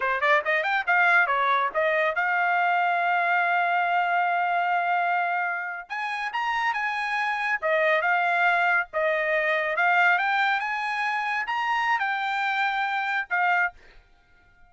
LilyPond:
\new Staff \with { instrumentName = "trumpet" } { \time 4/4 \tempo 4 = 140 c''8 d''8 dis''8 g''8 f''4 cis''4 | dis''4 f''2.~ | f''1~ | f''4.~ f''16 gis''4 ais''4 gis''16~ |
gis''4.~ gis''16 dis''4 f''4~ f''16~ | f''8. dis''2 f''4 g''16~ | g''8. gis''2 ais''4~ ais''16 | g''2. f''4 | }